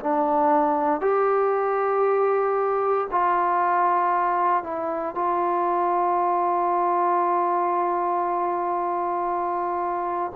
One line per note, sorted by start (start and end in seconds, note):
0.00 1.01 D4
1.01 3.08 G4
3.11 4.63 F4
4.63 5.15 E4
5.15 10.32 F4